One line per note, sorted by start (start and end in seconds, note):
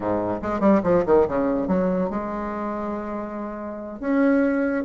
0.00 0.41 G#2
0.41 0.60 G#3
0.60 0.81 G3
0.83 1.04 F3
1.06 1.27 D#3
1.28 1.67 C#3
1.67 2.09 F#3
2.10 4.00 G#3
4.00 4.84 C#4